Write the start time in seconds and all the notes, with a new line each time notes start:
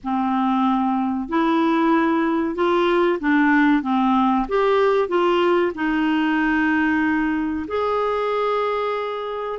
0.03 C4
1.28 E4
2.55 F4
3.19 D4
3.82 C4
4.48 G4
5.08 F4
5.74 D#4
7.67 G#4